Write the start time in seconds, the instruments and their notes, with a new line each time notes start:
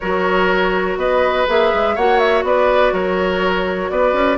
0.00 bassoon F#3, clarinet F#4, oboe A#4, flute C#5
0.96 bassoon B3, oboe B4, flute D#5
1.48 bassoon A#3, clarinet G#4, flute E5
1.73 bassoon G#3
1.95 bassoon A#3, clarinet F#4, oboe C#5, flute F#5
2.19 flute E5
2.43 bassoon B3, oboe B4, flute D5
2.92 bassoon F#3, oboe A#4, flute C#5
3.90 bassoon B3, oboe B4, flute D5
4.13 bassoon C#4